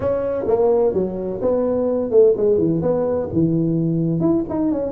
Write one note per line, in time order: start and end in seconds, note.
0.00 0.45 C#4
0.47 0.93 A#3
0.93 1.40 F#3
1.41 2.10 B3
2.10 2.34 A3
2.36 2.58 G#3
2.58 2.81 E3
2.81 3.28 B3
3.32 4.20 E3
4.20 4.43 E4
4.49 4.72 D#4
4.72 4.91 C#4